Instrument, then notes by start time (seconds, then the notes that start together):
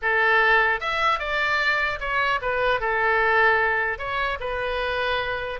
oboe
0.01 A4
0.80 E5
1.19 D5
2.00 C#5
2.41 B4
2.80 A4
3.98 C#5
4.39 B4